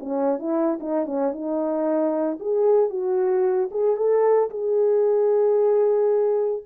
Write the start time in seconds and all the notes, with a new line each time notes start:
0.00 C#4
0.40 E4
0.81 D#4
1.06 C#4
1.33 D#4
2.40 G#4
2.90 F#4
3.71 G#4
3.97 A4
4.51 G#4